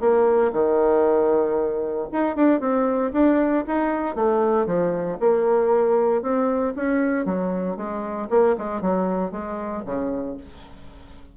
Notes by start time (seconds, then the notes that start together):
0.00 A#3
0.52 D#3
2.12 D#4
2.36 D4
2.60 C4
3.12 D4
3.67 D#4
4.15 A3
4.66 F3
5.20 A#3
6.22 C4
6.76 C#4
7.25 F#3
7.76 G#3
8.29 A#3
8.57 G#3
8.81 F#3
9.31 G#3
9.85 C#3